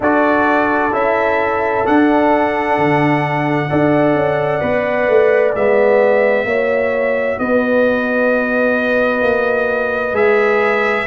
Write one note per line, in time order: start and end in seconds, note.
0.00 0.92 D4
0.00 0.91 F#4
0.00 3.67 A4
0.00 0.94 D5
0.91 1.84 C#4
0.91 1.83 E4
0.91 1.86 E5
1.85 3.69 D4
1.85 2.77 D4
1.85 5.55 F#5
2.77 3.69 D3
3.69 4.14 D4
3.69 4.60 A4
3.69 6.46 D5
4.14 4.60 C#4
4.60 5.08 B3
4.60 5.52 B4
5.08 5.54 A3
5.55 6.44 G#3
5.55 6.47 B3
5.55 7.38 E5
6.44 7.36 A#3
6.44 10.13 F#4
6.44 7.39 C#5
7.38 9.21 B3
7.38 11.07 B4
7.38 10.15 D#5
9.21 10.12 A#3
10.12 11.05 G#3
10.12 11.05 G#4
10.12 11.07 E5